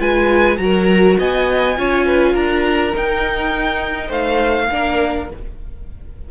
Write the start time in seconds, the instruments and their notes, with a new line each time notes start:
0.00 cello G#3, viola F4, violin B4 G#5
0.58 cello F#3, viola F#4, violin A#4 A#5
1.19 cello B3, violin D#5 G#5
1.76 cello C#4, viola F4, violin C#5
2.06 violin B4
2.33 cello D4, violin A#4 A#5
2.94 viola D#4, cello D#4, violin G5
4.08 cello A3, violin C5 F5
4.70 cello A#3, viola D4, violin A#4